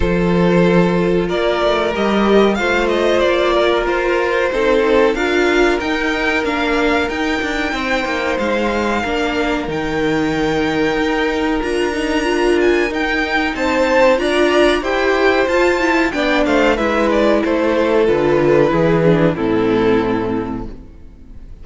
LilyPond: <<
  \new Staff \with { instrumentName = "violin" } { \time 4/4 \tempo 4 = 93 c''2 d''4 dis''4 | f''8 dis''8 d''4 c''2 | f''4 g''4 f''4 g''4~ | g''4 f''2 g''4~ |
g''2 ais''4. gis''8 | g''4 a''4 ais''4 g''4 | a''4 g''8 f''8 e''8 d''8 c''4 | b'2 a'2 | }
  \new Staff \with { instrumentName = "violin" } { \time 4/4 a'2 ais'2 | c''4. ais'4. a'4 | ais'1 | c''2 ais'2~ |
ais'1~ | ais'4 c''4 d''4 c''4~ | c''4 d''8 c''8 b'4 a'4~ | a'4 gis'4 e'2 | }
  \new Staff \with { instrumentName = "viola" } { \time 4/4 f'2. g'4 | f'2. dis'4 | f'4 dis'4 d'4 dis'4~ | dis'2 d'4 dis'4~ |
dis'2 f'8 dis'8 f'4 | dis'2 f'4 g'4 | f'8 e'8 d'4 e'2 | f'4 e'8 d'8 c'2 | }
  \new Staff \with { instrumentName = "cello" } { \time 4/4 f2 ais8 a8 g4 | a4 ais4 f'4 c'4 | d'4 dis'4 ais4 dis'8 d'8 | c'8 ais8 gis4 ais4 dis4~ |
dis4 dis'4 d'2 | dis'4 c'4 d'4 e'4 | f'4 b8 a8 gis4 a4 | d4 e4 a,2 | }
>>